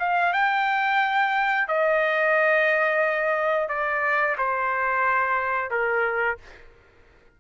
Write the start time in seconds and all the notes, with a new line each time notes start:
0.00 F5
0.34 G5
1.68 D#5
3.69 D5
4.38 C5
5.71 A#4